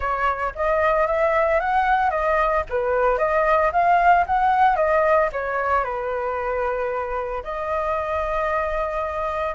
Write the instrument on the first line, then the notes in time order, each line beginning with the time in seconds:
flute
0.00 C#5
0.55 D#5
1.06 E5
1.60 F#5
2.10 D#5
2.69 B4
3.18 D#5
3.72 F5
4.26 F#5
4.75 D#5
5.32 C#5
5.84 B4
7.43 D#5